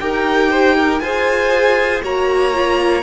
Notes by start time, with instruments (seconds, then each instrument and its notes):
0.00 cello D#4, viola G4, violin A#4 G5
0.50 violin C5
0.76 violin A#4
0.99 cello F4, viola G#4, violin C5 G#5
2.03 cello A#3, viola F#4, violin C#5 A#5
2.54 viola F4